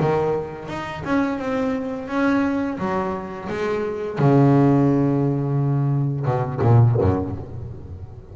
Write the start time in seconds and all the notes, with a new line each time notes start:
0.00 D#3
0.68 D#4
1.05 C#4
1.39 C4
2.08 C#4
2.78 F#3
3.49 G#3
4.18 C#3
6.25 B2
6.62 A#2
7.01 F#2